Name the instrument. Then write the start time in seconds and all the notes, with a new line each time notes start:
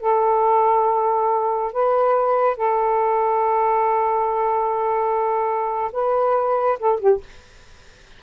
saxophone
0.00 A4
1.73 B4
2.57 A4
5.93 B4
6.79 A4
7.00 G4